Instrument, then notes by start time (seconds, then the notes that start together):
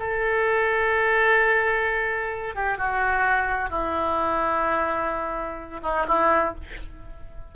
oboe
0.00 A4
2.55 G4
2.78 F#4
3.70 E4
5.83 D#4
6.08 E4